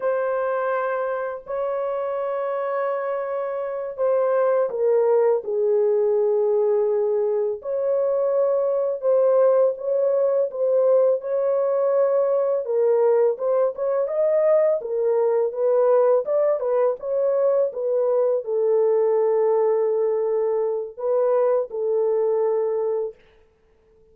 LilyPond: \new Staff \with { instrumentName = "horn" } { \time 4/4 \tempo 4 = 83 c''2 cis''2~ | cis''4. c''4 ais'4 gis'8~ | gis'2~ gis'8 cis''4.~ | cis''8 c''4 cis''4 c''4 cis''8~ |
cis''4. ais'4 c''8 cis''8 dis''8~ | dis''8 ais'4 b'4 d''8 b'8 cis''8~ | cis''8 b'4 a'2~ a'8~ | a'4 b'4 a'2 | }